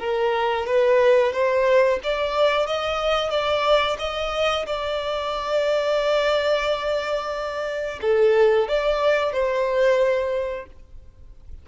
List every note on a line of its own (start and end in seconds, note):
0.00 0.67 A#4
0.67 1.33 B4
1.33 2.00 C5
2.04 2.67 D5
2.67 3.31 D#5
3.31 3.98 D5
3.99 4.66 D#5
4.67 8.00 D5
8.02 8.69 A4
8.69 9.33 D5
9.33 10.67 C5